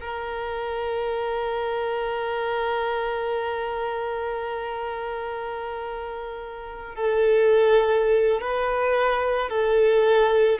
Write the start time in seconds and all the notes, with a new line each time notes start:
0.00 A#4
6.94 A4
8.41 B4
9.49 A4